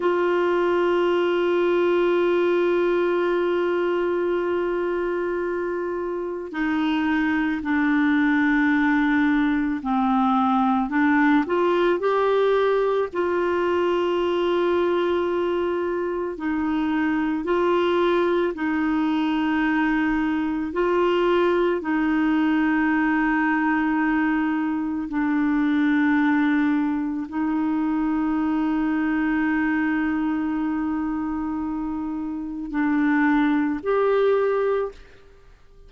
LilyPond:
\new Staff \with { instrumentName = "clarinet" } { \time 4/4 \tempo 4 = 55 f'1~ | f'2 dis'4 d'4~ | d'4 c'4 d'8 f'8 g'4 | f'2. dis'4 |
f'4 dis'2 f'4 | dis'2. d'4~ | d'4 dis'2.~ | dis'2 d'4 g'4 | }